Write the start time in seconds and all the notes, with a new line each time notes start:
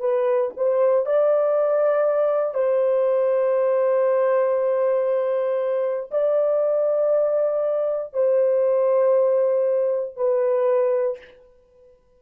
0.00 B4
0.57 C5
1.05 D5
2.54 C5
6.11 D5
8.13 C5
10.16 B4